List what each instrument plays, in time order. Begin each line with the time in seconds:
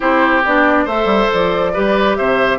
0.00 bassoon C4, clarinet E4, oboe G4, flute C5
0.45 bassoon B3, clarinet D4, flute D5
0.84 bassoon A3, clarinet A4, oboe C5, flute E5
1.05 bassoon G3
1.32 bassoon F3, flute D5
1.73 bassoon G3, clarinet G4, oboe B4
2.16 bassoon C3, oboe C5, flute E5